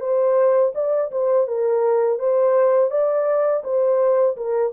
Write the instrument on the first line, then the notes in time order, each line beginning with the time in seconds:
horn
0.00 C5
0.74 D5
1.11 C5
1.47 A#4
2.19 C5
2.90 D5
3.63 C5
4.36 A#4